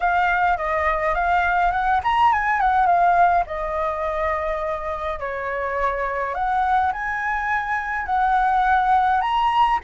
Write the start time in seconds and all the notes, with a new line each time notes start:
0.00 F5
0.57 D#5
1.14 F5
1.71 F#5
2.03 A#5
2.32 G#5
2.60 F#5
2.86 F5
3.46 D#5
5.19 C#5
6.34 F#5
6.92 G#5
8.05 F#5
9.21 A#5